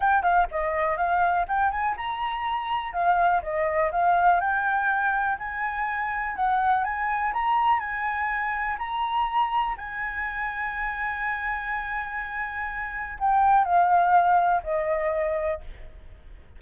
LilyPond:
\new Staff \with { instrumentName = "flute" } { \time 4/4 \tempo 4 = 123 g''8 f''8 dis''4 f''4 g''8 gis''8 | ais''2 f''4 dis''4 | f''4 g''2 gis''4~ | gis''4 fis''4 gis''4 ais''4 |
gis''2 ais''2 | gis''1~ | gis''2. g''4 | f''2 dis''2 | }